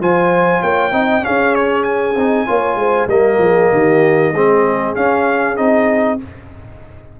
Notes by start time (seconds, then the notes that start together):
0.00 F3 F4 C5 G#5
0.61 A#3 C#5 G5
0.91 C4 D#4 D#5
1.21 C#4 G#4 F5
1.27 C#4
1.55 C#5
1.84 G#5
2.15 C4 D#4
2.47 A#3 F4 C#5
2.76 G#3 C5
3.07 G3 A#3 A#4 D#5
3.38 F3 G#4
3.72 D#3 G4
4.33 G#3 C4 G#4
4.95 C#4 F5
5.57 C4 D#4 D#5